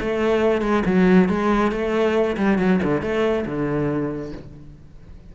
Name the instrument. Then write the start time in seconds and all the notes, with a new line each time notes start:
cello
0.00 A3
0.61 G#3
0.85 F#3
1.29 G#3
1.71 A3
2.37 G3
2.58 F#3
2.83 D3
3.01 A3
3.45 D3